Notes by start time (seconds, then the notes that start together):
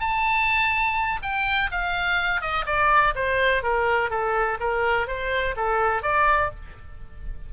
0.00 A5
1.22 G5
1.71 F5
2.41 D#5
2.66 D5
3.15 C5
3.62 A#4
4.10 A4
4.60 A#4
5.07 C5
5.56 A4
6.02 D5